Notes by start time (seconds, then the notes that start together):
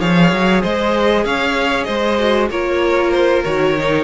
0.00 F3 G#4 C#5 F5
0.32 F#3
0.62 G#3 C5 D#5
1.25 C#4 C#5 F5
1.84 G#3 C5 D#5
2.19 F#4
2.50 A#3 F4 A#4 C#5
3.11 C5
3.44 D#3 F#4 C#5
3.79 D#4